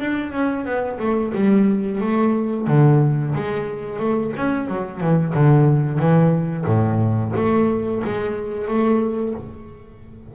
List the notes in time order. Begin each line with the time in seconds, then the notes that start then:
0.00 D4
0.32 C#4
0.65 B3
0.99 A3
1.35 G3
2.01 A3
2.68 D3
3.35 G#3
3.99 A3
4.37 C#4
4.68 F#3
5.01 E3
5.34 D3
5.99 E3
6.66 A2
7.36 A3
8.05 G#3
8.68 A3